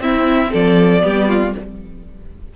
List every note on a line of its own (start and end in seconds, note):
0.00 0.51 C4
0.00 1.01 C4
0.00 0.52 E4
0.00 0.53 E5
0.52 1.04 F3
0.52 1.03 A4
0.52 1.56 D5
1.01 1.55 G3
1.01 1.52 B3
1.01 1.29 G4
1.29 1.54 F4